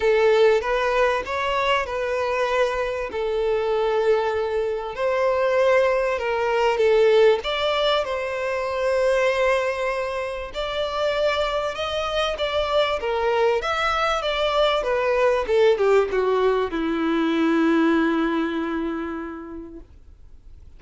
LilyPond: \new Staff \with { instrumentName = "violin" } { \time 4/4 \tempo 4 = 97 a'4 b'4 cis''4 b'4~ | b'4 a'2. | c''2 ais'4 a'4 | d''4 c''2.~ |
c''4 d''2 dis''4 | d''4 ais'4 e''4 d''4 | b'4 a'8 g'8 fis'4 e'4~ | e'1 | }